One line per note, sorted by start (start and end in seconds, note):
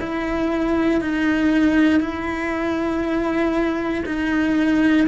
0.00 1.01 E4
1.01 2.01 D#4
2.01 4.04 E4
4.06 5.08 D#4